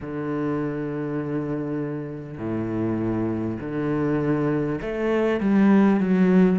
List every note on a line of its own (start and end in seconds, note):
0.01 2.37 D3
2.37 3.57 A2
3.59 4.79 D3
4.81 5.40 A3
5.40 5.99 G3
5.99 6.59 F#3